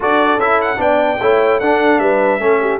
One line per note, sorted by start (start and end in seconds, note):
0.00 0.37 D4
0.00 0.39 F#4
0.00 0.80 A4
0.00 0.40 D5
0.37 0.77 C#4
0.37 0.76 E4
0.37 0.60 E5
0.61 0.81 F#5
0.76 1.18 B3
0.76 1.16 D4
0.76 1.20 D5
0.76 1.60 G5
1.20 1.60 A3
1.20 1.61 E4
1.20 1.60 C#5
1.60 1.98 D4
1.60 2.40 D4
1.60 2.00 A4
1.60 1.99 F#5
1.98 2.38 G3
1.98 2.39 B4
1.98 2.79 E5
2.38 2.78 A3
2.38 2.79 C#4
2.38 2.59 A4
2.60 2.79 G4